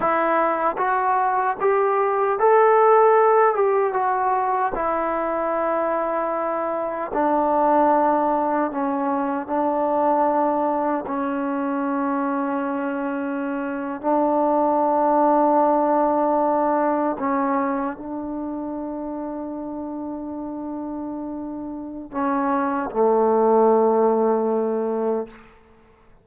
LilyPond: \new Staff \with { instrumentName = "trombone" } { \time 4/4 \tempo 4 = 76 e'4 fis'4 g'4 a'4~ | a'8 g'8 fis'4 e'2~ | e'4 d'2 cis'4 | d'2 cis'2~ |
cis'4.~ cis'16 d'2~ d'16~ | d'4.~ d'16 cis'4 d'4~ d'16~ | d'1 | cis'4 a2. | }